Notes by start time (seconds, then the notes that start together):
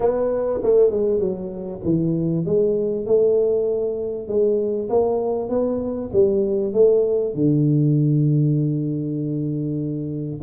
0.00 B3
0.63 A3
0.90 G#3
1.19 F#3
1.84 E3
2.45 G#3
3.06 A3
4.28 G#3
4.89 A#3
5.49 B3
6.12 G3
6.73 A3
7.34 D3